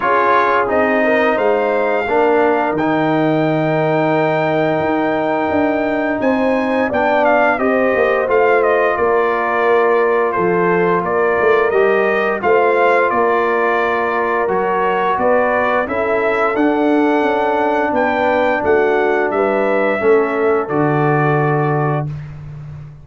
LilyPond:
<<
  \new Staff \with { instrumentName = "trumpet" } { \time 4/4 \tempo 4 = 87 cis''4 dis''4 f''2 | g''1~ | g''4 gis''4 g''8 f''8 dis''4 | f''8 dis''8 d''2 c''4 |
d''4 dis''4 f''4 d''4~ | d''4 cis''4 d''4 e''4 | fis''2 g''4 fis''4 | e''2 d''2 | }
  \new Staff \with { instrumentName = "horn" } { \time 4/4 gis'4. ais'8 c''4 ais'4~ | ais'1~ | ais'4 c''4 d''4 c''4~ | c''4 ais'2 a'4 |
ais'2 c''4 ais'4~ | ais'2 b'4 a'4~ | a'2 b'4 fis'4 | b'4 a'2. | }
  \new Staff \with { instrumentName = "trombone" } { \time 4/4 f'4 dis'2 d'4 | dis'1~ | dis'2 d'4 g'4 | f'1~ |
f'4 g'4 f'2~ | f'4 fis'2 e'4 | d'1~ | d'4 cis'4 fis'2 | }
  \new Staff \with { instrumentName = "tuba" } { \time 4/4 cis'4 c'4 gis4 ais4 | dis2. dis'4 | d'4 c'4 b4 c'8 ais8 | a4 ais2 f4 |
ais8 a8 g4 a4 ais4~ | ais4 fis4 b4 cis'4 | d'4 cis'4 b4 a4 | g4 a4 d2 | }
>>